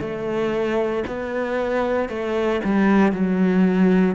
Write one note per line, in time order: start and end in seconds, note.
0.00 1.03 A3
1.07 2.09 B3
2.09 2.61 A3
2.64 3.12 G3
3.12 4.15 F#3